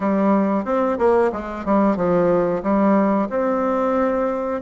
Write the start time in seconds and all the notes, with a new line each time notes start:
0.00 G3
0.64 C4
0.98 A#3
1.32 G#3
1.65 G3
1.96 F3
2.62 G3
3.29 C4